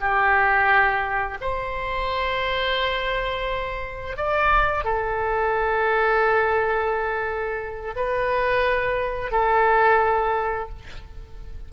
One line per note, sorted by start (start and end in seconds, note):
0.00 1.38 G4
1.41 4.17 C5
4.17 4.84 D5
4.84 7.94 A4
7.96 9.31 B4
9.31 10.69 A4